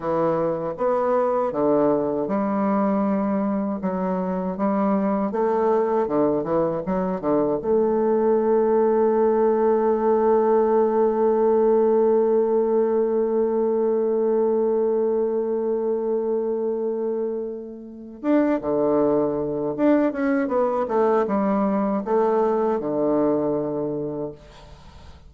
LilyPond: \new Staff \with { instrumentName = "bassoon" } { \time 4/4 \tempo 4 = 79 e4 b4 d4 g4~ | g4 fis4 g4 a4 | d8 e8 fis8 d8 a2~ | a1~ |
a1~ | a1 | d'8 d4. d'8 cis'8 b8 a8 | g4 a4 d2 | }